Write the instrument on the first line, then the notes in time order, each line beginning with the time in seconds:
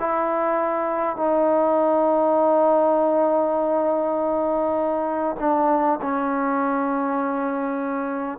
trombone
0.00 E4
1.17 D#4
5.40 D4
6.02 C#4